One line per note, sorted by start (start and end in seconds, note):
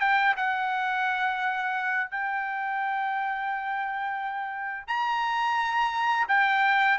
0.00 0.35 G5
0.36 2.11 F#5
2.11 4.87 G5
4.87 6.27 A#5
6.28 6.98 G5